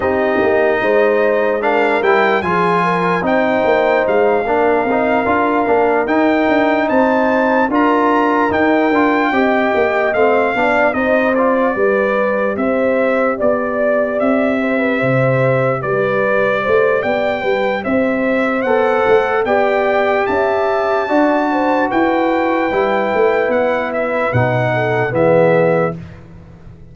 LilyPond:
<<
  \new Staff \with { instrumentName = "trumpet" } { \time 4/4 \tempo 4 = 74 dis''2 f''8 g''8 gis''4 | g''4 f''2~ f''8 g''8~ | g''8 a''4 ais''4 g''4.~ | g''8 f''4 dis''8 d''4. e''8~ |
e''8 d''4 e''2 d''8~ | d''4 g''4 e''4 fis''4 | g''4 a''2 g''4~ | g''4 fis''8 e''8 fis''4 e''4 | }
  \new Staff \with { instrumentName = "horn" } { \time 4/4 g'4 c''4 ais'4 gis'8 ais'8 | c''4. ais'2~ ais'8~ | ais'8 c''4 ais'2 dis''8~ | dis''4 d''8 c''4 b'4 c''8~ |
c''8 d''4. c''16 b'16 c''4 b'8~ | b'8 c''8 d''8 b'8 c''2 | d''4 e''4 d''8 c''8 b'4~ | b'2~ b'8 a'8 gis'4 | }
  \new Staff \with { instrumentName = "trombone" } { \time 4/4 dis'2 d'8 e'8 f'4 | dis'4. d'8 dis'8 f'8 d'8 dis'8~ | dis'4. f'4 dis'8 f'8 g'8~ | g'8 c'8 d'8 dis'8 f'8 g'4.~ |
g'1~ | g'2. a'4 | g'2 fis'2 | e'2 dis'4 b4 | }
  \new Staff \with { instrumentName = "tuba" } { \time 4/4 c'8 ais8 gis4. g8 f4 | c'8 ais8 gis8 ais8 c'8 d'8 ais8 dis'8 | d'8 c'4 d'4 dis'8 d'8 c'8 | ais8 a8 b8 c'4 g4 c'8~ |
c'8 b4 c'4 c4 g8~ | g8 a8 b8 g8 c'4 b8 a8 | b4 cis'4 d'4 e'4 | g8 a8 b4 b,4 e4 | }
>>